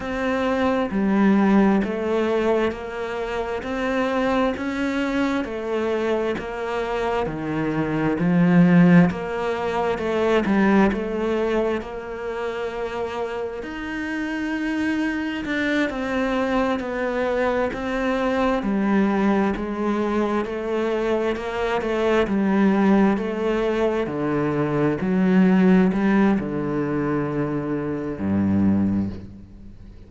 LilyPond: \new Staff \with { instrumentName = "cello" } { \time 4/4 \tempo 4 = 66 c'4 g4 a4 ais4 | c'4 cis'4 a4 ais4 | dis4 f4 ais4 a8 g8 | a4 ais2 dis'4~ |
dis'4 d'8 c'4 b4 c'8~ | c'8 g4 gis4 a4 ais8 | a8 g4 a4 d4 fis8~ | fis8 g8 d2 g,4 | }